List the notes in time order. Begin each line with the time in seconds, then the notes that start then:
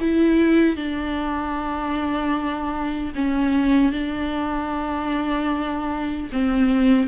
0.00 E4
0.76 D4
3.15 C#4
3.92 D4
6.32 C4